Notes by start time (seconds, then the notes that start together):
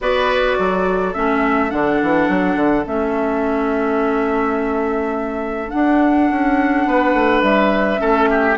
0.00 B3 F#4 B4 D5
0.58 F#3 A4
1.13 A3 C#4 E5
1.69 D3 D4 F#5
2.02 E3
2.28 F#3
2.56 D3
2.85 A3 C#4 E5
5.69 D4 F#5
6.30 C#4
6.86 B3 B4
7.13 A3
7.42 G3 E5
7.97 A3 C#4 A4
8.30 G4